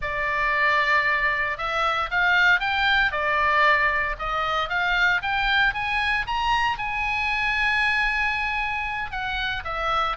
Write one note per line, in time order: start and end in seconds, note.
0.01 1.57 D5
1.57 2.09 E5
2.10 2.60 F5
2.60 3.11 G5
3.11 4.15 D5
4.19 4.69 D#5
4.69 5.21 F5
5.22 5.73 G5
5.73 6.26 G#5
6.26 6.78 A#5
6.78 9.11 G#5
9.11 9.63 F#5
9.64 10.16 E5